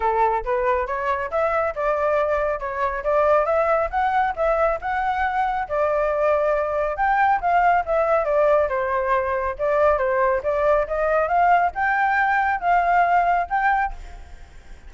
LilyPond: \new Staff \with { instrumentName = "flute" } { \time 4/4 \tempo 4 = 138 a'4 b'4 cis''4 e''4 | d''2 cis''4 d''4 | e''4 fis''4 e''4 fis''4~ | fis''4 d''2. |
g''4 f''4 e''4 d''4 | c''2 d''4 c''4 | d''4 dis''4 f''4 g''4~ | g''4 f''2 g''4 | }